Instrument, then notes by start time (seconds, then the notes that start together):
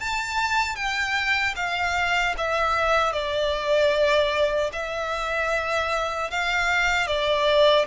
violin
0.00 A5
0.76 G5
1.56 F5
2.38 E5
3.13 D5
4.73 E5
6.31 F5
7.07 D5